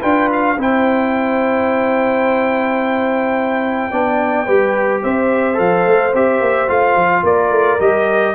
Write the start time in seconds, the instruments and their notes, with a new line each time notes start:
0.00 tuba D4, trombone F4, horn B4, trumpet G5
0.32 trumpet F5
0.57 tuba C4, trombone E4, horn C5, trumpet G5
3.91 tuba B3, trombone D4, horn D5
4.46 tuba G3, trombone G4, horn B4
5.03 tuba C4, horn C5, trumpet E5
5.54 tuba F3, trombone A4, trumpet F5
5.86 tuba A3
6.14 tuba C4, trombone G4, trumpet E5
6.41 tuba A#3
6.68 tuba A3, trombone F4, trumpet F5
6.95 tuba F3
7.23 tuba A#3, horn A#4, trumpet D5
7.50 tuba A3
7.80 tuba G3, trombone G4, trumpet D#5